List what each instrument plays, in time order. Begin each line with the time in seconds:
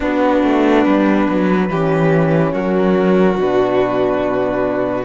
0.00 horn B3, cello B3, violin D4, flute F#4
0.43 cello A3
0.84 cello G3, flute B4
1.28 cello F#3
1.69 cello E3, horn C#4, violin G4
2.52 cello F#3, violin F#4, flute A#4
3.36 cello B2, horn D4, flute B4